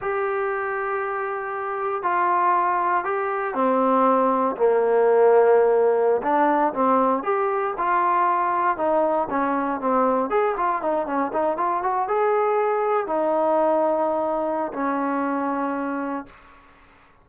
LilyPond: \new Staff \with { instrumentName = "trombone" } { \time 4/4 \tempo 4 = 118 g'1 | f'2 g'4 c'4~ | c'4 ais2.~ | ais16 d'4 c'4 g'4 f'8.~ |
f'4~ f'16 dis'4 cis'4 c'8.~ | c'16 gis'8 f'8 dis'8 cis'8 dis'8 f'8 fis'8 gis'16~ | gis'4.~ gis'16 dis'2~ dis'16~ | dis'4 cis'2. | }